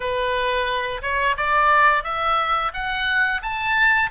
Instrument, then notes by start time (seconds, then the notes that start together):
oboe
0.00 B4
1.02 C#5
1.36 D5
2.03 E5
2.73 F#5
3.42 A5